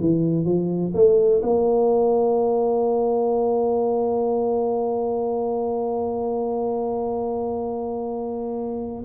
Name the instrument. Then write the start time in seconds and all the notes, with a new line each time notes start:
tuba
0.00 E3
0.44 F3
0.94 A3
1.42 A#3